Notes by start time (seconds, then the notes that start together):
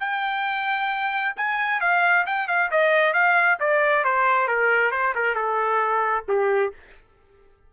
0.00 G5
1.37 G#5
1.81 F5
2.26 G5
2.48 F5
2.71 D#5
3.14 F5
3.60 D5
4.04 C5
4.48 A#4
4.92 C5
5.15 A#4
5.35 A4
6.28 G4